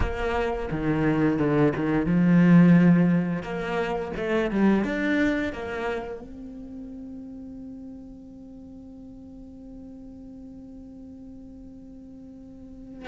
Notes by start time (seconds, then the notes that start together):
0.00 A#3
0.71 D#3
1.38 D3
1.76 D#3
2.06 F3
3.42 A#3
4.16 A3
4.50 G3
4.84 D4
5.52 A#3
6.21 C4